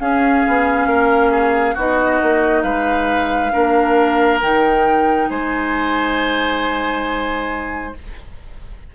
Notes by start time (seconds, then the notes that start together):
0.00 C#4 G#4 F5
0.47 B3
0.87 A#3 A#4
1.31 G#4
1.74 B3 D#4 F#4 D#5
2.22 A#3
2.63 G#3 B4 F5
3.52 A#3 D4 A#4
4.42 D#3 D#4 G5
5.30 G#3 C5 G#5